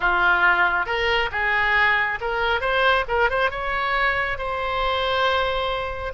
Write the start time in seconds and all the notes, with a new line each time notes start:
0.00 F4
0.86 A#4
1.31 G#4
2.20 A#4
2.61 C5
3.08 A#4
3.30 C5
3.50 C#5
4.38 C5